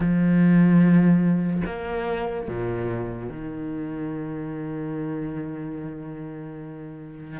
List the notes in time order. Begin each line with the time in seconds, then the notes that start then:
0.00 F3
1.66 A#3
2.48 A#2
3.29 D#3